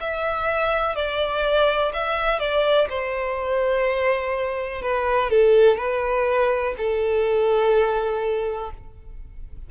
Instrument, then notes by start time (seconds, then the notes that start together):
violin
0.00 E5
0.95 D5
1.94 E5
2.39 D5
2.89 C5
4.82 B4
5.30 A4
5.77 B4
6.77 A4